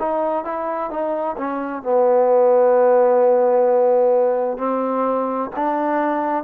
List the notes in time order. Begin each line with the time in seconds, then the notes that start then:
0.00 D#4
0.45 E4
0.91 D#4
1.38 C#4
1.83 B3
4.58 C4
5.56 D4